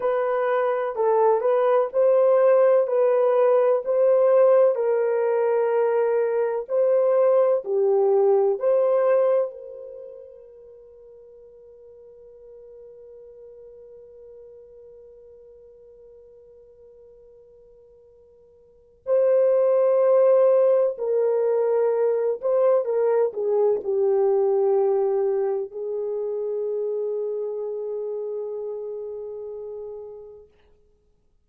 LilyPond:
\new Staff \with { instrumentName = "horn" } { \time 4/4 \tempo 4 = 63 b'4 a'8 b'8 c''4 b'4 | c''4 ais'2 c''4 | g'4 c''4 ais'2~ | ais'1~ |
ais'1 | c''2 ais'4. c''8 | ais'8 gis'8 g'2 gis'4~ | gis'1 | }